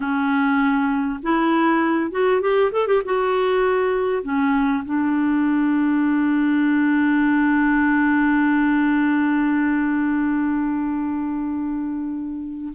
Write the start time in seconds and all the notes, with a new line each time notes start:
0.00 C#4
1.23 E4
2.11 F#4
2.41 G4
2.71 A4
2.87 G4
3.05 F#4
4.23 C#4
4.85 D4